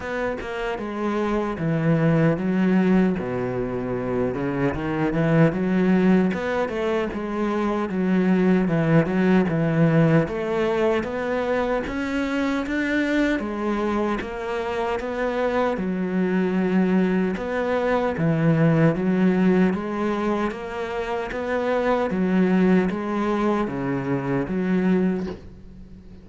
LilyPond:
\new Staff \with { instrumentName = "cello" } { \time 4/4 \tempo 4 = 76 b8 ais8 gis4 e4 fis4 | b,4. cis8 dis8 e8 fis4 | b8 a8 gis4 fis4 e8 fis8 | e4 a4 b4 cis'4 |
d'4 gis4 ais4 b4 | fis2 b4 e4 | fis4 gis4 ais4 b4 | fis4 gis4 cis4 fis4 | }